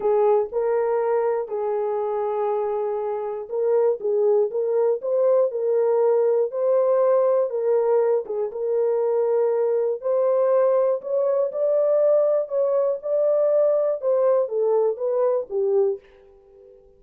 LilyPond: \new Staff \with { instrumentName = "horn" } { \time 4/4 \tempo 4 = 120 gis'4 ais'2 gis'4~ | gis'2. ais'4 | gis'4 ais'4 c''4 ais'4~ | ais'4 c''2 ais'4~ |
ais'8 gis'8 ais'2. | c''2 cis''4 d''4~ | d''4 cis''4 d''2 | c''4 a'4 b'4 g'4 | }